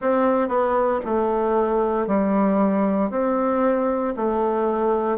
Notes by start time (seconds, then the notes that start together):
0.00 C4
0.48 B3
1.05 A3
2.07 G3
3.10 C4
4.16 A3